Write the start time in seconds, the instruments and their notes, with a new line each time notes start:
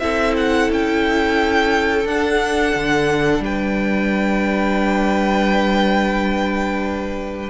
0.00 cello C4, viola E4, violin A4 E5
0.37 violin F#5
0.70 cello C#4, violin G5
2.06 cello D4, viola D4, violin F#5
2.75 cello D3
3.40 cello G3, violin B4 G5